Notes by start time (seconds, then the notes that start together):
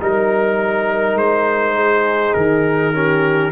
0.00 G3 D#4 A#4
1.14 G#3 C5
1.76 G#4
2.34 D#3 A#4
2.94 C#4 G4